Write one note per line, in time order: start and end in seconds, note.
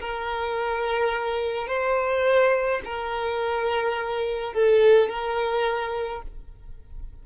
0.00 1.67 A#4
1.67 2.80 C5
2.85 4.53 A#4
4.53 5.09 A4
5.09 6.23 A#4